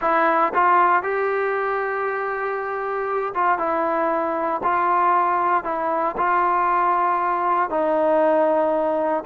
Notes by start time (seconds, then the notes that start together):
0.01 E4
0.53 F4
1.02 G4
3.34 F4
3.58 E4
4.63 F4
5.64 E4
6.17 F4
7.70 D#4